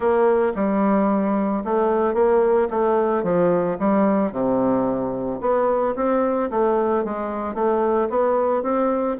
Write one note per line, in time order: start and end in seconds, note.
0.00 0.53 A#3
0.55 1.63 G3
1.64 2.14 A3
2.14 2.68 A#3
2.70 3.23 A3
3.23 3.77 F3
3.79 4.32 G3
4.32 5.40 C3
5.40 5.94 B3
5.95 6.49 C4
6.50 7.04 A3
7.04 7.54 G#3
7.54 8.08 A3
8.09 8.62 B3
8.62 9.16 C4